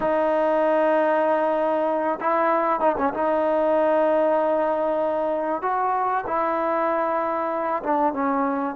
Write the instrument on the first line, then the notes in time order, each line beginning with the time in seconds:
trombone
0.00 D#4
2.20 E4
2.80 D#4
2.97 C#4
3.13 D#4
5.61 F#4
6.26 E4
7.83 D4
8.13 C#4